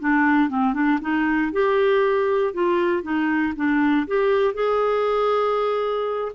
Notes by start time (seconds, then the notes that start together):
0.00 D4
0.49 C4
0.73 D4
1.01 D#4
1.52 G4
2.53 F4
3.03 D#4
3.56 D4
4.07 G4
4.54 G#4